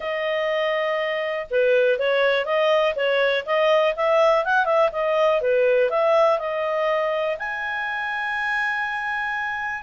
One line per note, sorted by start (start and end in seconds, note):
0.00 1.46 D#5
1.50 1.98 B4
1.98 2.45 C#5
2.45 2.94 D#5
2.95 3.44 C#5
3.45 3.95 D#5
3.95 4.44 E5
4.44 4.65 F#5
4.65 4.89 E5
4.92 5.41 D#5
5.41 5.90 B4
5.90 6.38 E5
6.38 7.37 D#5
7.38 9.82 G#5